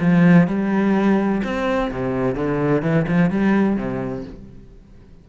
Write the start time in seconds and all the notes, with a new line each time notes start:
0.00 F3
0.47 G3
1.44 C4
1.91 C3
2.35 D3
2.82 E3
3.08 F3
3.30 G3
3.77 C3